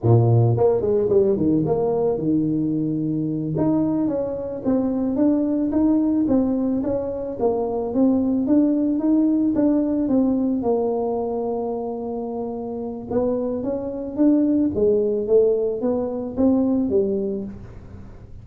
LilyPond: \new Staff \with { instrumentName = "tuba" } { \time 4/4 \tempo 4 = 110 ais,4 ais8 gis8 g8 dis8 ais4 | dis2~ dis8 dis'4 cis'8~ | cis'8 c'4 d'4 dis'4 c'8~ | c'8 cis'4 ais4 c'4 d'8~ |
d'8 dis'4 d'4 c'4 ais8~ | ais1 | b4 cis'4 d'4 gis4 | a4 b4 c'4 g4 | }